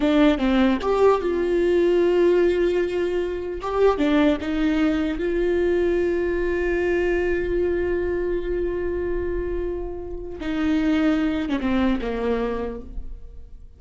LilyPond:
\new Staff \with { instrumentName = "viola" } { \time 4/4 \tempo 4 = 150 d'4 c'4 g'4 f'4~ | f'1~ | f'4 g'4 d'4 dis'4~ | dis'4 f'2.~ |
f'1~ | f'1~ | f'2 dis'2~ | dis'8. cis'16 c'4 ais2 | }